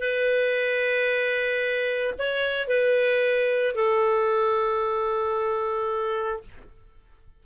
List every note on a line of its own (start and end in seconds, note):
0.00 2.14 B4
2.19 2.68 C#5
2.68 3.75 B4
3.75 6.43 A4